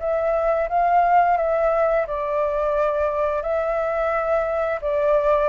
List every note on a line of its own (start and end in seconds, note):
0.00 0.69 E5
0.69 1.37 F5
1.37 2.06 E5
2.07 3.42 D5
3.42 4.80 E5
4.82 5.49 D5